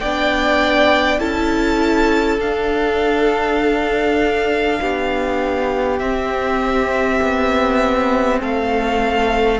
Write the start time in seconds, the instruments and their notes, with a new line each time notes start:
0.00 cello B3, viola D4, violin D5 G5
1.20 cello C#4, viola E4, violin A4 A5
2.39 cello D4, viola D4, violin F5
4.82 cello B3, violin G4
5.99 viola C4, cello C4, violin E5
7.22 cello B3
8.40 cello A3, violin A4 F5